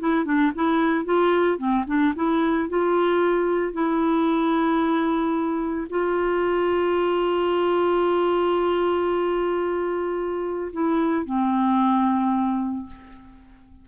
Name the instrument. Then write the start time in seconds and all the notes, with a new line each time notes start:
clarinet
0.00 E4
0.25 D4
0.55 E4
1.05 F4
1.58 C4
1.87 D4
2.16 E4
2.70 F4
3.73 E4
5.90 F4
10.73 E4
11.26 C4